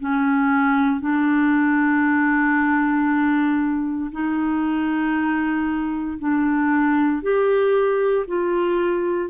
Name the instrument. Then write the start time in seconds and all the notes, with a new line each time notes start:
clarinet
0.00 C#4
1.00 D4
4.11 D#4
6.19 D4
7.22 G4
8.27 F4